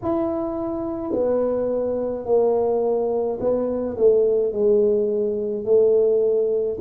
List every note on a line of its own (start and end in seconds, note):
0.02 1.13 E4
1.13 2.25 B3
2.25 3.39 A#3
3.40 3.96 B3
3.97 4.52 A3
4.52 5.64 G#3
5.64 6.78 A3